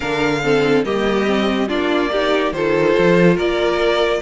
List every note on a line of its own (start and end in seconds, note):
0.00 0.84 D3
0.00 0.39 D4
0.00 0.41 A#4
0.00 0.84 F5
0.43 0.84 C4
0.43 0.85 A4
0.84 1.69 G3
0.84 1.26 A#3
0.84 1.68 G4
0.84 1.68 D#5
1.26 1.68 C4
1.68 2.52 A#3
1.68 2.10 D4
1.68 2.10 F4
1.68 2.52 D5
2.11 2.54 D#4
2.11 2.53 G4
2.52 2.94 D#3
2.52 4.22 F4
2.52 3.35 A4
2.52 3.37 C5
2.98 3.37 F3
3.35 4.21 A#3
3.35 4.19 A#4
3.35 4.22 D5